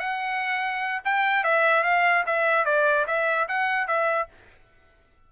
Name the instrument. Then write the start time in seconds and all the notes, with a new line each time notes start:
trumpet
0.00 F#5
1.05 G5
1.44 E5
1.84 F5
2.26 E5
2.65 D5
3.07 E5
3.48 F#5
3.88 E5